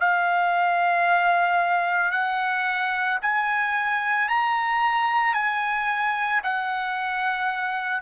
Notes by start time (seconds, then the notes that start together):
0.00 F5
2.11 F#5
3.22 G#5
4.29 A#5
5.34 G#5
6.44 F#5